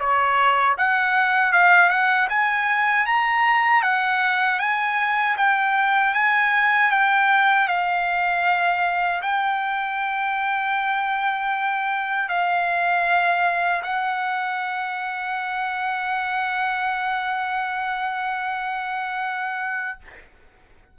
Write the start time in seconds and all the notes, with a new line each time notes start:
0.00 C#5
0.78 F#5
1.52 F5
1.90 F#5
2.29 G#5
3.06 A#5
3.83 F#5
4.60 G#5
5.37 G5
6.14 G#5
6.91 G5
7.68 F5
9.22 G5
12.29 F5
13.83 F#5